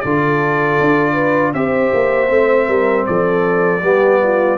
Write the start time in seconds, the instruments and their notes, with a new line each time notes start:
0.00 tuba D3, trombone F4, horn A4, trumpet D5
0.80 tuba D4
1.13 horn B4
1.53 tuba C4, trombone G4, horn C5, trumpet E5
1.94 tuba A#3
2.29 tuba A3, trombone C4
2.67 tuba G3, horn A#4
3.06 tuba F3, horn A4, trumpet D5
3.82 tuba G3, trombone B3, horn G4
4.23 horn F4